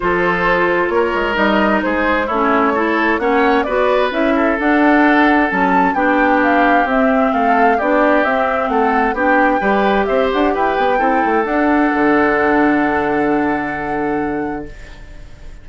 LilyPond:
<<
  \new Staff \with { instrumentName = "flute" } { \time 4/4 \tempo 4 = 131 c''2 cis''4 dis''4 | c''4 cis''2 fis''4 | d''4 e''4 fis''2 | a''4 g''4 f''4 e''4 |
f''4 d''4 e''4 fis''4 | g''2 e''8 fis''8 g''4~ | g''4 fis''2.~ | fis''1 | }
  \new Staff \with { instrumentName = "oboe" } { \time 4/4 a'2 ais'2 | gis'4 e'4 a'4 cis''4 | b'4. a'2~ a'8~ | a'4 g'2. |
a'4 g'2 a'4 | g'4 b'4 c''4 b'4 | a'1~ | a'1 | }
  \new Staff \with { instrumentName = "clarinet" } { \time 4/4 f'2. dis'4~ | dis'4 cis'4 e'4 cis'4 | fis'4 e'4 d'2 | cis'4 d'2 c'4~ |
c'4 d'4 c'2 | d'4 g'2. | e'4 d'2.~ | d'1 | }
  \new Staff \with { instrumentName = "bassoon" } { \time 4/4 f2 ais8 gis8 g4 | gis4 a2 ais4 | b4 cis'4 d'2 | fis4 b2 c'4 |
a4 b4 c'4 a4 | b4 g4 c'8 d'8 e'8 b8 | c'8 a8 d'4 d2~ | d1 | }
>>